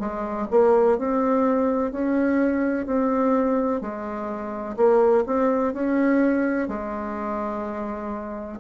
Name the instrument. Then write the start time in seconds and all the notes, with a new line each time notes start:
bassoon
0.00 G#3
0.51 A#3
0.98 C4
1.92 C#4
2.87 C4
3.81 G#3
4.77 A#3
5.26 C4
5.74 C#4
6.69 G#3